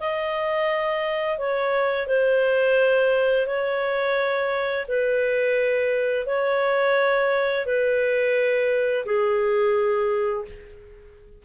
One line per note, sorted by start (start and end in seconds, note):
0.00 1.38 D#5
1.38 2.07 C#5
2.07 3.46 C5
3.47 4.86 C#5
4.88 6.26 B4
6.26 7.66 C#5
7.66 9.05 B4
9.05 10.45 G#4